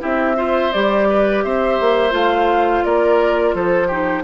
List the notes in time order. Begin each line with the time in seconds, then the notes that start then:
0.00 C4 E4 G4 E5
0.36 F4 C5
0.72 G3 G4 D5
1.09 B4
1.43 C4 C5 E5
1.80 A#3
2.11 A3 F4 F5
2.84 A#3 A#4 D5
3.54 F3 A4 C5
3.87 D#4 G4